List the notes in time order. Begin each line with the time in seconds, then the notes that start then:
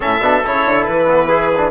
0.00 A2 C#4 A4 E5
0.20 B2 D4
0.44 C#3 E4 C#5
0.65 D3
0.84 E3 B4
1.07 B3
1.28 E4 G#4
1.57 D4